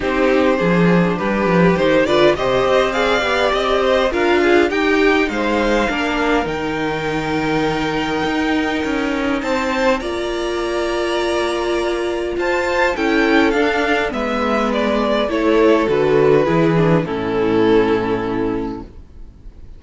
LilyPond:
<<
  \new Staff \with { instrumentName = "violin" } { \time 4/4 \tempo 4 = 102 c''2 b'4 c''8 d''8 | dis''4 f''4 dis''4 f''4 | g''4 f''2 g''4~ | g''1 |
a''4 ais''2.~ | ais''4 a''4 g''4 f''4 | e''4 d''4 cis''4 b'4~ | b'4 a'2. | }
  \new Staff \with { instrumentName = "violin" } { \time 4/4 g'4 gis'4 g'4. b'8 | c''4 d''4. c''8 ais'8 gis'8 | g'4 c''4 ais'2~ | ais'1 |
c''4 d''2.~ | d''4 c''4 a'2 | b'2 a'2 | gis'4 e'2. | }
  \new Staff \with { instrumentName = "viola" } { \time 4/4 dis'4 d'2 dis'8 f'8 | g'4 gis'8 g'4. f'4 | dis'2 d'4 dis'4~ | dis'1~ |
dis'4 f'2.~ | f'2 e'4 d'4 | b2 e'4 fis'4 | e'8 d'8 cis'2. | }
  \new Staff \with { instrumentName = "cello" } { \time 4/4 c'4 f4 g8 f8 dis8 d8 | c8 c'4 b8 c'4 d'4 | dis'4 gis4 ais4 dis4~ | dis2 dis'4 cis'4 |
c'4 ais2.~ | ais4 f'4 cis'4 d'4 | gis2 a4 d4 | e4 a,2. | }
>>